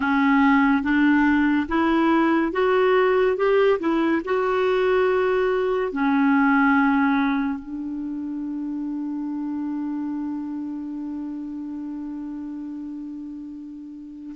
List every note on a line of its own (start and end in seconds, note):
0.00 0.82 C#4
0.82 1.67 D4
1.68 2.52 E4
2.52 3.36 F#4
3.36 3.79 G4
3.79 4.21 E4
4.24 5.92 F#4
5.92 7.59 C#4
7.59 14.35 D4